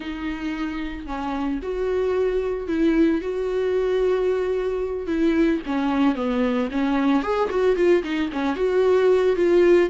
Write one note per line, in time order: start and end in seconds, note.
0.00 1.06 D#4
1.06 1.60 C#4
1.62 2.67 F#4
2.67 3.21 E4
3.21 5.06 F#4
5.06 5.60 E4
5.65 6.15 C#4
6.15 6.68 B3
6.71 7.22 C#4
7.22 7.49 G#4
7.50 7.75 F#4
7.75 8.02 F4
8.03 8.29 D#4
8.32 8.55 C#4
8.55 9.36 F#4
9.36 9.89 F4